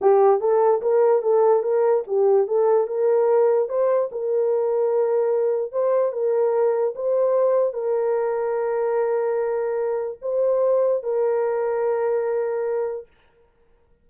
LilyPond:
\new Staff \with { instrumentName = "horn" } { \time 4/4 \tempo 4 = 147 g'4 a'4 ais'4 a'4 | ais'4 g'4 a'4 ais'4~ | ais'4 c''4 ais'2~ | ais'2 c''4 ais'4~ |
ais'4 c''2 ais'4~ | ais'1~ | ais'4 c''2 ais'4~ | ais'1 | }